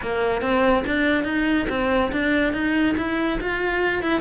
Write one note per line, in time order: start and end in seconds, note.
0.02 0.41 A#3
0.41 0.84 C4
0.86 1.24 D4
1.24 1.66 D#4
1.69 2.11 C4
2.12 2.53 D4
2.53 2.95 D#4
2.97 3.39 E4
3.40 4.03 F4
4.03 4.20 E4